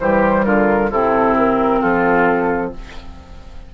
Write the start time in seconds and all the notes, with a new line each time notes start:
0.00 E3 G3 G4 C5
0.44 D3 F4 A#4
0.90 C3 C4 E4 A4
1.38 A#4
1.80 F3 F4 A4